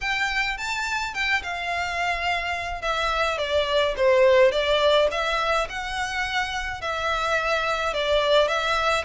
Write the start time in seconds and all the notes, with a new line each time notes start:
0.01 G5
0.57 A5
1.13 G5
1.43 F5
2.81 E5
3.38 D5
3.96 C5
4.51 D5
5.11 E5
5.69 F#5
6.81 E5
7.93 D5
8.48 E5